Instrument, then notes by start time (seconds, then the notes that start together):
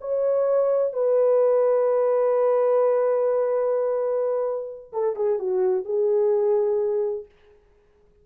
horn
0.00 C#5
0.93 B4
4.92 A4
5.15 G#4
5.39 F#4
5.84 G#4